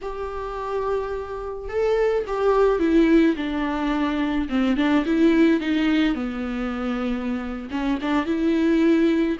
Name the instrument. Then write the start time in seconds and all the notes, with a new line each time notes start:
viola
0.01 G4
1.68 A4
2.27 G4
2.79 E4
3.36 D4
4.49 C4
4.76 D4
5.05 E4
5.60 D#4
6.15 B3
7.71 C#4
8.01 D4
8.25 E4